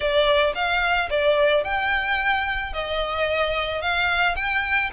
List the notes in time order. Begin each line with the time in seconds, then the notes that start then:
0.00 D5
0.54 F5
1.10 D5
1.64 G5
2.73 D#5
3.81 F5
4.35 G5